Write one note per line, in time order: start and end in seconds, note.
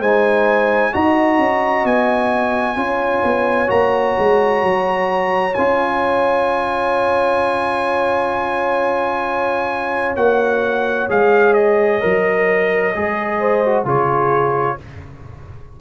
0.00 0.92 G#3
0.00 0.93 D#4
0.00 0.92 C5
0.00 0.94 G#5
0.93 1.39 D#4
0.93 2.76 F#4
0.93 2.79 D#5
0.93 1.86 A#5
1.39 1.85 C#4
1.85 2.77 B3
1.85 3.71 G#5
2.76 3.23 C#4
2.76 3.68 F4
2.76 13.40 C#5
3.24 3.70 B3
3.68 4.17 A#3
3.68 5.52 F#4
3.68 5.54 A#5
4.19 4.63 G#3
4.63 5.55 F#3
5.54 10.17 C#4
5.54 10.17 F4
5.54 10.16 G#5
10.16 11.09 A#3
10.16 11.09 F#4
10.16 11.09 F#5
11.09 12.03 G#3
11.09 12.01 G#4
11.09 11.54 F5
11.54 13.85 D#5
12.01 12.96 F#3
12.01 12.94 A#4
12.95 13.85 G#3
12.95 13.65 G#4
13.40 13.85 C5
13.66 13.86 F#4
13.85 14.78 C#3
13.85 14.78 F4
13.85 14.77 G#4
13.85 14.81 C#5